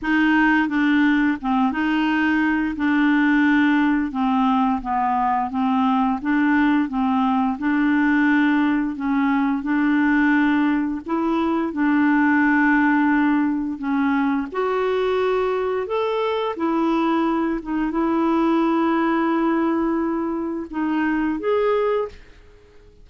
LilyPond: \new Staff \with { instrumentName = "clarinet" } { \time 4/4 \tempo 4 = 87 dis'4 d'4 c'8 dis'4. | d'2 c'4 b4 | c'4 d'4 c'4 d'4~ | d'4 cis'4 d'2 |
e'4 d'2. | cis'4 fis'2 a'4 | e'4. dis'8 e'2~ | e'2 dis'4 gis'4 | }